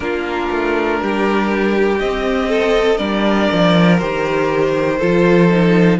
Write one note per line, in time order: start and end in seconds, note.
0.00 0.49 A#3
0.00 1.99 D4
0.00 1.01 F4
0.00 1.99 A#4
0.51 1.01 A3
1.01 2.01 G3
1.01 2.48 G4
1.99 2.98 C4
1.99 2.99 C4
1.99 2.97 D#5
2.48 2.98 A4
2.97 3.49 G3
2.97 3.98 D4
2.97 4.97 A#4
2.97 3.97 D5
3.52 4.01 F3
3.98 5.01 D#3
3.98 4.99 G4
3.98 5.98 C5
4.99 5.99 F3
4.99 5.49 F4
4.99 5.99 A4
5.49 5.99 D#4